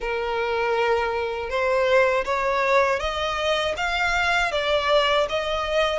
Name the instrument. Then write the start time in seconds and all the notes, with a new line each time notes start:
violin
0.00 A#4
1.49 C5
2.24 C#5
2.99 D#5
3.77 F5
4.51 D5
5.29 D#5